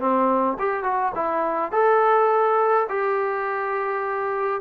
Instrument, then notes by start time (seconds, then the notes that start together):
trombone
0.00 C4
0.59 G4
0.84 F#4
1.15 E4
1.72 A4
2.89 G4